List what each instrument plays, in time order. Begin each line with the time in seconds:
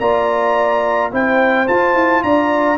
0.00 tuba A#3, trombone F4, horn D5, trumpet A#5
1.12 tuba C4, trombone E4, horn C5, trumpet G5
1.67 trombone F4, tuba F4, trumpet A5
1.95 tuba E4
2.23 tuba D4, horn D5, trumpet A#5